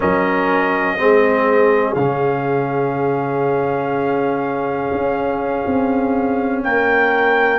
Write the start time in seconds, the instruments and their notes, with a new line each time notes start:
0.00 tuba F#3, trombone C#4, horn A#4, trumpet D#5
0.97 tuba G#3, trombone C4, horn G#4
1.94 tuba C#3, trombone C#4, trumpet F5
4.91 tuba C#4
5.66 tuba C4
6.63 tuba A#3, horn A#4, trumpet G5